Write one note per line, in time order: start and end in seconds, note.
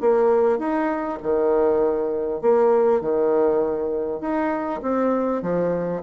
0.00 0.58 A#3
0.58 1.18 D#4
1.22 2.41 D#3
2.41 3.01 A#3
3.01 4.20 D#3
4.20 4.80 D#4
4.82 5.42 C4
5.42 6.02 F3